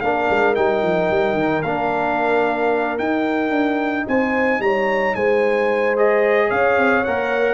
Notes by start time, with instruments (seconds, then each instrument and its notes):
0.00 tuba A#3, trombone D4, horn A#4, trumpet F5
0.30 tuba G#3
0.55 tuba G3, trombone D#4, trumpet G5
0.83 tuba F3
1.10 tuba G3
1.34 tuba D#3
1.62 tuba A#3, trombone D4, trumpet F5
2.98 tuba D#4, trombone D#4, trumpet G5
3.50 tuba D4
4.07 tuba C4, horn C5, trumpet G#5
4.59 tuba G3, horn C#5, trumpet A#5
5.15 tuba G#3, horn C5, trumpet G#5
5.96 trombone G#4, trumpet D#5
6.48 tuba C#4, horn C#5, trumpet F5
6.77 tuba C4
7.04 tuba A#3, trombone A#4, trumpet F#5